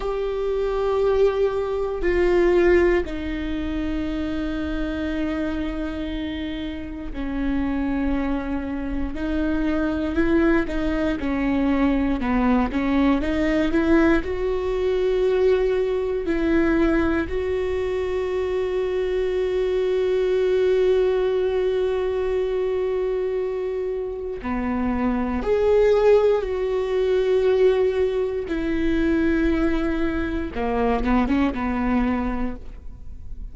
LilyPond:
\new Staff \with { instrumentName = "viola" } { \time 4/4 \tempo 4 = 59 g'2 f'4 dis'4~ | dis'2. cis'4~ | cis'4 dis'4 e'8 dis'8 cis'4 | b8 cis'8 dis'8 e'8 fis'2 |
e'4 fis'2.~ | fis'1 | b4 gis'4 fis'2 | e'2 ais8 b16 cis'16 b4 | }